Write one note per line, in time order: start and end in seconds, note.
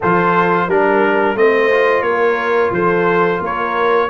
0.00 0.67 F3
0.00 0.69 F4
0.00 0.66 A4
0.00 0.70 C5
0.66 1.35 G3
0.66 1.36 D4
0.66 1.35 A#4
0.66 1.37 A#4
1.35 2.02 A3
1.35 1.70 C4
1.35 2.06 C5
1.35 2.02 D#5
1.70 4.09 F4
2.02 2.70 A#3
2.02 2.74 A#4
2.02 2.70 C#5
2.70 3.39 F3
2.70 3.40 A4
2.70 3.42 C5
3.40 4.08 A#3
3.40 4.08 A#4
3.40 4.10 C#5